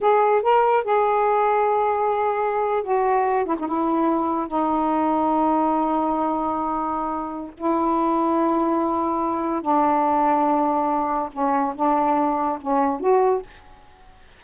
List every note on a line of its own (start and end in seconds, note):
0.00 0.42 G#4
0.42 0.84 A#4
0.84 2.83 G#4
2.83 3.45 F#4
3.45 3.55 E4
3.59 3.67 D#4
3.67 4.47 E4
4.47 7.51 D#4
7.57 9.61 E4
9.61 11.29 D4
11.32 11.74 C#4
11.75 12.59 D4
12.61 13.00 C#4
13.00 13.42 F#4